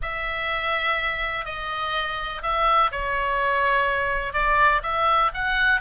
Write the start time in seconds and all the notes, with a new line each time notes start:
0.02 E5
1.45 D#5
2.42 E5
2.91 C#5
4.33 D5
4.83 E5
5.34 F#5